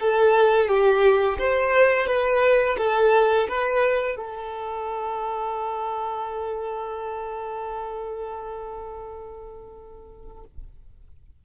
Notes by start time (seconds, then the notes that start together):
0.00 A4
0.68 G4
1.38 C5
2.07 B4
2.77 A4
3.48 B4
4.16 A4